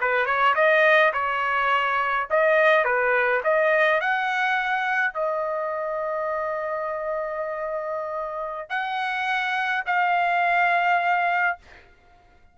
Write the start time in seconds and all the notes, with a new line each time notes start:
0.00 B4
0.25 C#5
0.55 D#5
1.13 C#5
2.30 D#5
2.84 B4
3.43 D#5
4.00 F#5
5.13 D#5
8.69 F#5
9.86 F5